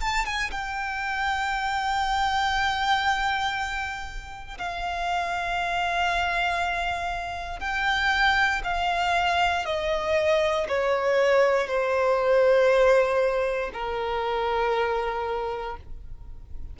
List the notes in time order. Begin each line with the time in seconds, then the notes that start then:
0.00 A5
0.25 G#5
0.50 G5
4.58 F5
7.59 G5
8.63 F5
9.65 D#5
10.68 C#5
11.67 C5
13.73 A#4